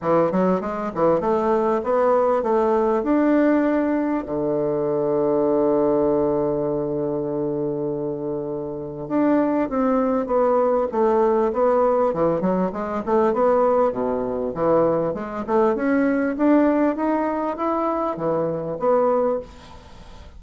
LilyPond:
\new Staff \with { instrumentName = "bassoon" } { \time 4/4 \tempo 4 = 99 e8 fis8 gis8 e8 a4 b4 | a4 d'2 d4~ | d1~ | d2. d'4 |
c'4 b4 a4 b4 | e8 fis8 gis8 a8 b4 b,4 | e4 gis8 a8 cis'4 d'4 | dis'4 e'4 e4 b4 | }